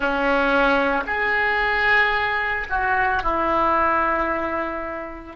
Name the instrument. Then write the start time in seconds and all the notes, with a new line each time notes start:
oboe
0.00 C#4
1.06 G#4
2.69 F#4
3.22 E4